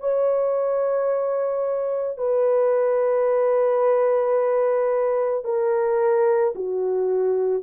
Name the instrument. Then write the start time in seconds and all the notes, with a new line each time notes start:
horn
0.00 C#5
2.18 B4
5.44 A#4
6.55 F#4